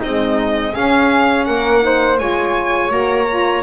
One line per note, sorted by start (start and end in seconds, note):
0.00 0.74 G#3
0.00 0.75 C4
0.00 0.72 D#4
0.00 0.75 D#5
0.73 1.82 C#4
0.73 1.48 C#4
0.73 1.45 G#4
0.73 1.45 F5
1.45 2.20 A#3
1.45 1.83 A#4
1.45 2.18 F#5
1.82 2.18 D#4
1.82 2.20 C5
2.19 2.92 G#3
2.19 2.90 F4
2.19 3.63 C#5
2.19 2.92 G#5
2.90 3.63 A#3
2.90 3.26 F#4
2.90 3.63 A#5
3.30 3.63 F4